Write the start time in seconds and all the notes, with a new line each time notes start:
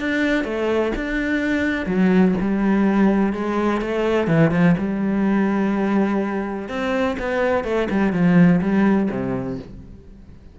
0.00 D4
0.45 A3
0.96 D4
1.87 F#3
2.41 G3
3.33 G#3
3.82 A3
4.28 E3
4.52 F3
4.78 G3
6.69 C4
7.19 B3
7.65 A3
7.90 G3
8.13 F3
8.62 G3
9.11 C3